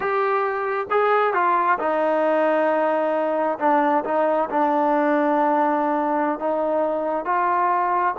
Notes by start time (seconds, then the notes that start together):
0.00 G4
0.90 G#4
1.33 F4
1.79 D#4
3.59 D4
4.04 D#4
4.50 D4
6.39 D#4
7.25 F4